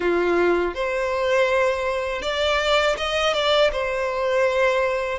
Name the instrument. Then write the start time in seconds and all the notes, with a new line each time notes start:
violin
0.00 F4
0.74 C5
2.22 D5
2.97 D#5
3.33 D5
3.71 C5